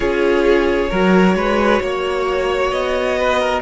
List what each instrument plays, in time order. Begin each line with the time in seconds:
0.00 cello C#4, viola F4, violin G#4 C#5
0.89 cello F#3, viola F#4, violin A#4
1.35 cello G#3, violin B4
1.81 cello A#3, violin C#5
2.71 cello B3, violin D#5
3.19 violin B4
3.39 violin A#4